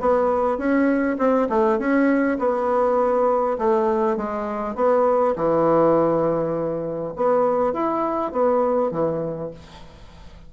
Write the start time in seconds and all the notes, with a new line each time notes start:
0.00 B3
0.58 C#4
1.18 C4
1.49 A3
1.78 C#4
2.38 B3
3.58 A3
4.17 G#3
4.75 B3
5.36 E3
7.16 B3
7.73 E4
8.32 B3
8.91 E3